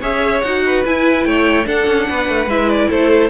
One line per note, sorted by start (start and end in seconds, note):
0.00 0.43 C#4
0.00 0.43 G#4
0.00 0.62 C#5
0.00 0.42 E5
0.42 0.85 D#4
0.42 0.85 F#4
0.42 0.83 F#5
0.66 1.27 B4
0.85 1.65 E4
0.85 1.25 E4
0.85 1.25 G#5
1.25 1.66 A3
1.25 1.67 C#5
1.25 1.66 G5
1.65 2.47 D4
1.65 1.87 D4
1.65 2.08 A4
1.65 2.50 F#5
1.87 2.08 C#4
2.09 2.29 B3
2.09 2.89 B4
2.29 2.46 A3
2.46 2.87 G#3
2.46 3.30 E4
2.46 2.70 E5
2.70 2.90 D5
2.89 3.30 A3
2.89 3.30 A4
2.89 3.30 C5